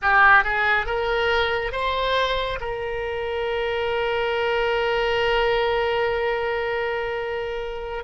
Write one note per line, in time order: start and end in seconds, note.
0.02 0.43 G4
0.43 0.86 G#4
0.86 1.72 A#4
1.72 2.59 C5
2.60 8.04 A#4